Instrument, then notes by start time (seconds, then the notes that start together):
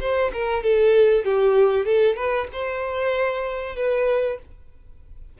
violin
0.00 C5
0.33 A#4
0.63 A4
1.25 G4
1.86 A4
2.16 B4
2.53 C5
3.76 B4